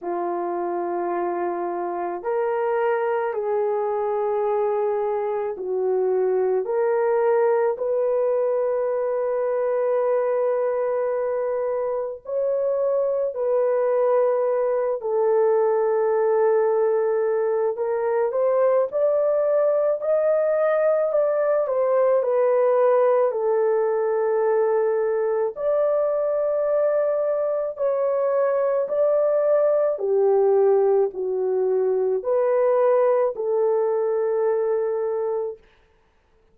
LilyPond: \new Staff \with { instrumentName = "horn" } { \time 4/4 \tempo 4 = 54 f'2 ais'4 gis'4~ | gis'4 fis'4 ais'4 b'4~ | b'2. cis''4 | b'4. a'2~ a'8 |
ais'8 c''8 d''4 dis''4 d''8 c''8 | b'4 a'2 d''4~ | d''4 cis''4 d''4 g'4 | fis'4 b'4 a'2 | }